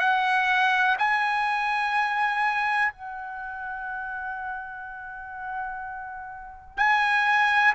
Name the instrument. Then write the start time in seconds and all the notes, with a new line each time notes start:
trumpet
0.00 F#5
0.99 G#5
2.93 F#5
6.77 G#5